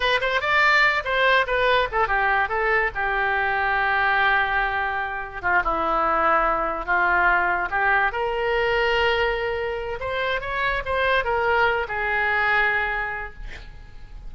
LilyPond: \new Staff \with { instrumentName = "oboe" } { \time 4/4 \tempo 4 = 144 b'8 c''8 d''4. c''4 b'8~ | b'8 a'8 g'4 a'4 g'4~ | g'1~ | g'4 f'8 e'2~ e'8~ |
e'8 f'2 g'4 ais'8~ | ais'1 | c''4 cis''4 c''4 ais'4~ | ais'8 gis'2.~ gis'8 | }